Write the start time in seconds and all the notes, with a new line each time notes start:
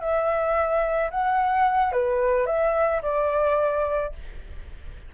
0.00 E5
1.11 F#5
1.92 B4
2.46 E5
3.02 D5